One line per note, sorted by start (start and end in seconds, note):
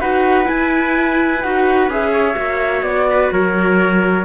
0.00 0.47 D#4
0.00 0.44 F#4
0.00 2.12 B4
0.00 0.47 F#5
0.44 1.39 E4
0.44 1.44 E4
0.44 1.42 G#5
1.42 1.88 D#4
1.42 1.90 F#4
1.42 1.89 F#5
1.88 2.35 C#4
1.88 2.35 G#4
1.88 2.83 E5
2.12 3.07 C#5
2.35 2.82 A#3
2.35 4.24 F#4
2.82 3.29 B3
2.82 3.30 D5
3.09 3.32 B4
3.32 4.25 F#3
3.32 4.25 A#4
3.32 4.25 C#5